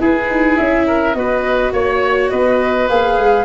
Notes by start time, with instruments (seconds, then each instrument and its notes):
0.00 viola E4, tuba E4, oboe G#4, flute B4
0.29 tuba D#4
0.57 tuba C#4, flute E5
0.87 oboe A#4
1.14 tuba B3, viola F#4, oboe B4, flute D#5
1.73 tuba A#3, oboe C#5, flute C#5
2.30 tuba B3, oboe B4, flute D#5
2.89 tuba A#3, viola G#4, flute F5
3.18 tuba G#3